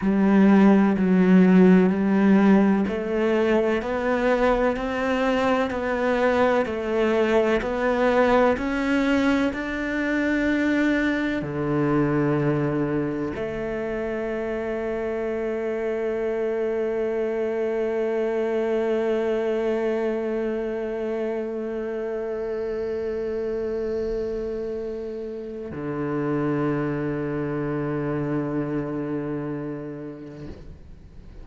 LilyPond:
\new Staff \with { instrumentName = "cello" } { \time 4/4 \tempo 4 = 63 g4 fis4 g4 a4 | b4 c'4 b4 a4 | b4 cis'4 d'2 | d2 a2~ |
a1~ | a1~ | a2. d4~ | d1 | }